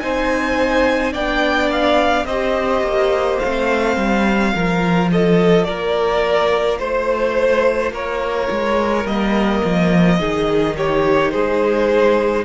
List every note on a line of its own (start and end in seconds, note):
0.00 1.15 C4
0.00 1.12 D#4
0.00 1.12 C5
0.00 1.13 G#5
1.12 2.25 B3
1.12 2.25 D4
1.12 2.26 D5
1.12 1.70 G5
1.71 2.26 F5
2.25 2.82 C4
2.25 3.43 G4
2.25 4.54 C5
2.25 3.39 D#5
2.82 3.38 A#3
3.39 3.96 A3
3.39 4.55 C4
3.39 5.09 F5
3.96 4.53 G3
4.54 5.68 F3
4.54 9.06 F4
4.54 5.11 A#4
5.12 5.68 A4
5.12 5.64 D#5
5.64 6.80 A#3
5.64 6.79 A#4
5.64 6.78 D5
6.79 7.92 A3
6.79 7.92 C5
7.92 8.48 A#3
7.92 10.19 A#4
7.92 9.07 C#5
8.51 9.05 G#3
9.05 9.61 G3
9.05 10.19 A#3
9.05 10.76 D#5
9.64 10.21 F3
10.19 11.34 D#3
10.19 12.45 D#4
10.19 10.76 G#4
10.77 11.33 G4
10.77 11.31 C#5
11.31 12.45 G#3
11.31 12.45 G#4
11.31 12.45 C5